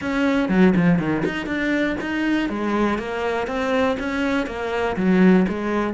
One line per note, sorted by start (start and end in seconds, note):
0.01 0.48 C#4
0.48 0.73 F#3
0.76 0.98 F3
0.98 1.23 D#3
1.25 1.46 D#4
1.46 1.96 D4
2.00 2.49 D#4
2.49 2.98 G#3
2.98 3.47 A#3
3.47 3.96 C4
3.99 4.46 C#4
4.46 4.95 A#3
4.96 5.46 F#3
5.48 5.93 G#3